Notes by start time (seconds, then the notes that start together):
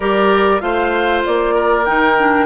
0.00 G3 G4 A#4 D5
0.60 A3 F4 C5 F5
1.25 A#3 D5
1.55 A#4
1.85 D#3 D#4 G5
2.17 D4